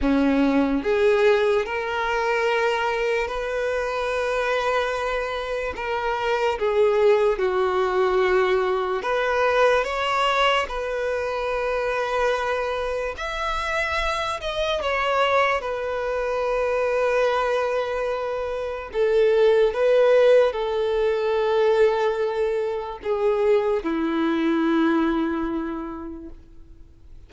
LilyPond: \new Staff \with { instrumentName = "violin" } { \time 4/4 \tempo 4 = 73 cis'4 gis'4 ais'2 | b'2. ais'4 | gis'4 fis'2 b'4 | cis''4 b'2. |
e''4. dis''8 cis''4 b'4~ | b'2. a'4 | b'4 a'2. | gis'4 e'2. | }